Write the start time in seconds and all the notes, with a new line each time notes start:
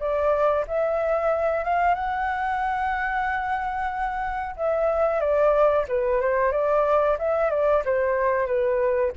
0.00 D5
0.68 E5
1.64 F5
1.95 F#5
4.57 E5
5.20 D5
5.89 B4
6.21 C5
6.52 D5
7.19 E5
7.51 D5
7.85 C5
8.47 B4